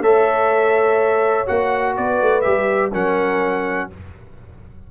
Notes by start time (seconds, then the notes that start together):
0.00 A3 A4 C#5 E5
1.46 A#3 F#4 F#5
1.97 B3 B4 D5
2.21 A3
2.41 G3 G4 E5
2.93 F#3 C#4 A#4 F#5